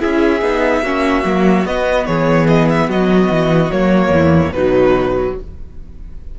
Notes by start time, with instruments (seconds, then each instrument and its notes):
0.00 cello C#4, viola E4, violin G#4 E5
0.41 cello B3, viola D#4
0.82 cello A#3, viola C#4, violin F#4
1.25 cello F#3, viola A#3
1.65 cello B3, viola B3, violin D#5
2.06 cello E3, violin G#4 C#5
2.48 violin D#5
2.69 violin E5
2.88 cello F#3, violin F#4 D#5
3.30 cello E3
3.71 cello F#3, viola A#3, violin C#5
4.10 cello E2, violin E4
4.52 cello B2, viola F#3, violin D#4 B4